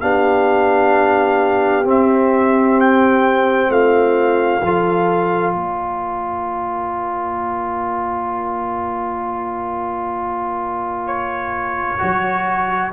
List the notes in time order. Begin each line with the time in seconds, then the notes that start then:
0.00 B3 D4 G4 F5
1.84 C4 E5
2.80 G5
3.69 A3 F4 F5
4.62 F3 F4 A4
5.54 A#3 A#4 D5
11.06 C#5
11.98 F#3 F#4